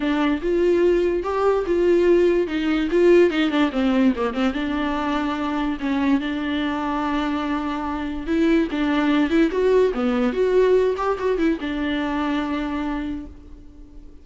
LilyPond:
\new Staff \with { instrumentName = "viola" } { \time 4/4 \tempo 4 = 145 d'4 f'2 g'4 | f'2 dis'4 f'4 | dis'8 d'8 c'4 ais8 c'8 d'4~ | d'2 cis'4 d'4~ |
d'1 | e'4 d'4. e'8 fis'4 | b4 fis'4. g'8 fis'8 e'8 | d'1 | }